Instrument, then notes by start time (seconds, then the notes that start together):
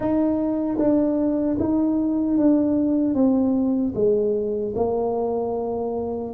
tuba
0.00 D#4
0.78 D4
1.59 D#4
2.37 D4
3.14 C4
3.94 G#3
4.75 A#3